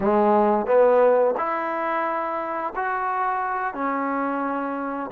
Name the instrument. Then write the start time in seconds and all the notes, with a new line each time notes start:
trombone
0.00 G#3
0.66 B3
1.37 E4
2.75 F#4
3.73 C#4